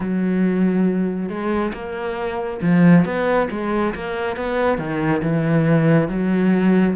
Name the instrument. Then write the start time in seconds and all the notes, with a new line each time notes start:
cello
0.00 F#3
1.28 G#3
1.73 A#3
2.61 F3
3.05 B3
3.51 G#3
3.94 A#3
4.36 B3
4.77 D#3
5.22 E3
6.08 F#3